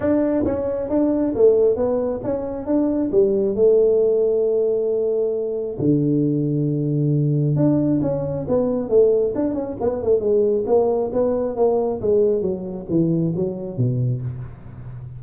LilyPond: \new Staff \with { instrumentName = "tuba" } { \time 4/4 \tempo 4 = 135 d'4 cis'4 d'4 a4 | b4 cis'4 d'4 g4 | a1~ | a4 d2.~ |
d4 d'4 cis'4 b4 | a4 d'8 cis'8 b8 a8 gis4 | ais4 b4 ais4 gis4 | fis4 e4 fis4 b,4 | }